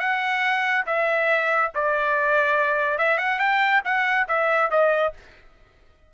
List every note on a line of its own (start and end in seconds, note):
0.00 0.85 F#5
0.86 1.71 E5
1.75 2.98 D5
2.98 3.18 E5
3.18 3.39 F#5
3.39 3.82 G5
3.85 4.27 F#5
4.28 4.71 E5
4.71 5.13 D#5